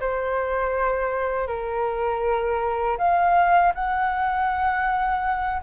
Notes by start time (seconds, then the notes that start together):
0.00 C5
1.47 A#4
2.98 F5
3.74 F#5